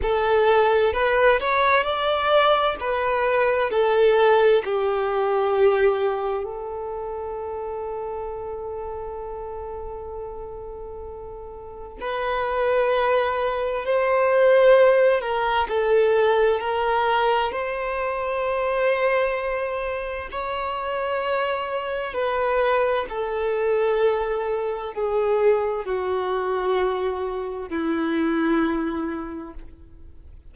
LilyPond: \new Staff \with { instrumentName = "violin" } { \time 4/4 \tempo 4 = 65 a'4 b'8 cis''8 d''4 b'4 | a'4 g'2 a'4~ | a'1~ | a'4 b'2 c''4~ |
c''8 ais'8 a'4 ais'4 c''4~ | c''2 cis''2 | b'4 a'2 gis'4 | fis'2 e'2 | }